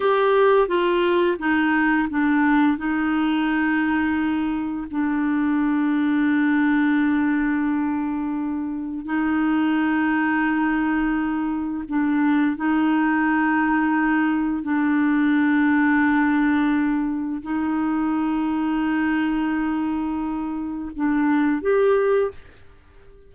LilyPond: \new Staff \with { instrumentName = "clarinet" } { \time 4/4 \tempo 4 = 86 g'4 f'4 dis'4 d'4 | dis'2. d'4~ | d'1~ | d'4 dis'2.~ |
dis'4 d'4 dis'2~ | dis'4 d'2.~ | d'4 dis'2.~ | dis'2 d'4 g'4 | }